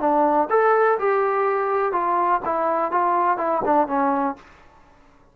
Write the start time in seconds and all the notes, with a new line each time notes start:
0.00 D4
0.50 A4
0.99 G4
1.92 F4
2.45 E4
2.91 F4
3.37 E4
3.64 D4
3.87 C#4